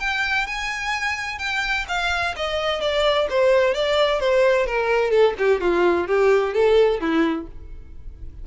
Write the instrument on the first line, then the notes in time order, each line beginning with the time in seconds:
violin
0.00 G5
0.47 G#5
1.39 G5
1.88 F5
2.36 D#5
2.81 D5
3.30 C5
3.74 D5
4.20 C5
4.66 A#4
5.11 A4
5.38 G4
5.61 F4
6.07 G4
6.54 A4
7.00 E4